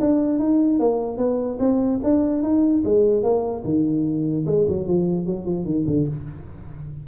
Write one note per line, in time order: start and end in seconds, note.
0.00 0.39 D4
0.39 0.79 D#4
0.79 1.17 A#3
1.17 1.58 B3
1.59 2.00 C4
2.03 2.42 D4
2.42 2.83 D#4
2.84 3.23 G#3
3.23 3.63 A#3
3.64 4.45 D#3
4.46 4.66 G#3
4.68 4.87 F#3
4.87 5.26 F3
5.26 5.45 F#3
5.45 5.65 F3
5.65 5.85 D#3
5.87 6.07 D3